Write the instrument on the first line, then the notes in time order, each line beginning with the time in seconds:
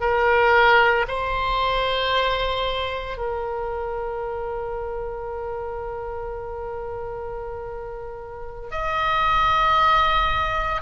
oboe
0.00 A#4
1.07 C5
3.17 A#4
8.71 D#5